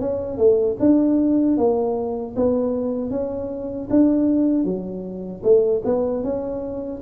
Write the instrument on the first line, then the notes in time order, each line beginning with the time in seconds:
tuba
0.00 C#4
0.38 A3
0.80 D4
1.58 A#3
2.36 B3
3.11 C#4
3.90 D4
4.64 F#3
5.43 A3
5.85 B3
6.24 C#4